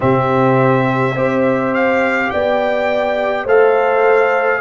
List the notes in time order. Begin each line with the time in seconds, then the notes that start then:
0.00 C3 C4 G4 E5
1.14 C4 G4 C5
1.74 F5
2.30 B3 D5 G5
3.44 A3 A4 C5 F5